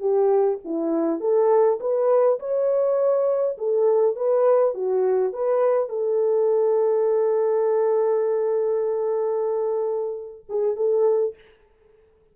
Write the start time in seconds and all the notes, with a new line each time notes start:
0.00 G4
0.64 E4
1.20 A4
1.80 B4
2.39 C#5
3.58 A4
4.16 B4
4.74 F#4
5.33 B4
5.89 A4
10.49 G#4
10.76 A4